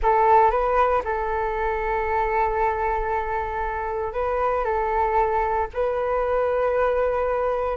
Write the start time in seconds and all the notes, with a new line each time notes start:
0.02 A4
0.50 B4
1.04 A4
4.12 B4
4.64 A4
5.73 B4